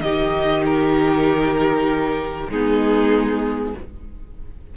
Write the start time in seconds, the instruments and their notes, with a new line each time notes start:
0.00 cello D#3, viola D#4, violin G4 D#5
0.65 violin A#4
2.50 cello G#3, viola B3, violin D#4 G#4